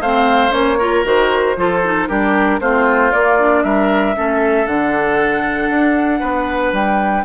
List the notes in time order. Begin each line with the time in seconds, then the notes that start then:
0.00 A3 C4 C5 F5
0.51 A#3 C#4 C#5
0.79 F4 A#4
1.04 D#3 F#4 C5
1.56 F3 F4 A4
1.84 D#4
2.08 G3 D4 G4 A#4
2.60 A3 C4 F4 C5
3.12 A#3 D5
3.39 D4
3.63 G3 A#4 E5
4.15 A3 C#4 A4
4.66 D3 D4 F#5
5.69 D4
6.20 B3 B4
6.73 G3 G5